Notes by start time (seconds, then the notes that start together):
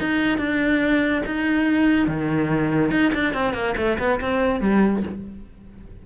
0.00 D#4
0.38 D4
1.27 D#4
2.08 D#3
2.91 D#4
3.15 D4
3.34 C4
3.54 A#3
3.77 A3
3.99 B3
4.21 C4
4.61 G3